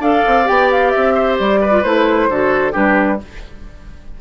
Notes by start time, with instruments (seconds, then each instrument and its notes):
0.00 bassoon D4, clarinet A4, oboe D5, flute F5
0.27 bassoon C4
0.45 bassoon B3, clarinet G4, flute G5
0.71 flute F5
0.90 bassoon C4, flute E5
1.14 oboe C5
1.39 bassoon G3, flute D5
1.61 oboe B4
1.70 clarinet F4
1.83 bassoon A3, clarinet E4, flute C5
2.28 bassoon D3, clarinet F#4, oboe A4
2.72 bassoon G3, clarinet D4, oboe G4, flute B4